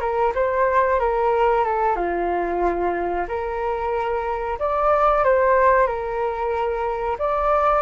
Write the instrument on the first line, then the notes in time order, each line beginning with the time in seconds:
flute
0.00 A#4
0.34 C5
0.99 A#4
1.64 A4
1.96 F4
3.28 A#4
4.59 D5
5.24 C5
5.87 A#4
7.18 D5